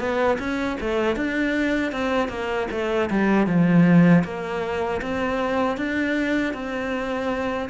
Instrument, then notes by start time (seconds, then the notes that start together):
cello
0.00 B3
0.39 C#4
0.81 A3
1.16 D4
1.92 C4
2.29 A#3
2.71 A3
3.10 G3
3.47 F3
4.24 A#3
5.02 C4
5.78 D4
6.54 C4